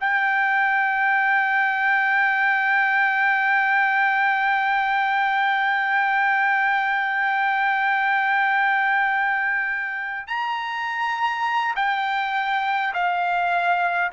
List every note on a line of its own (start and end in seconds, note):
0.00 10.27 G5
10.27 11.74 A#5
11.75 12.93 G5
12.94 14.11 F5